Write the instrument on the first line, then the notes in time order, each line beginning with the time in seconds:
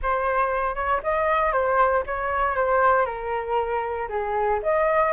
flute
0.02 C5
0.75 C#5
1.03 D#5
1.52 C5
2.06 C#5
2.55 C5
3.05 A#4
4.09 G#4
4.62 D#5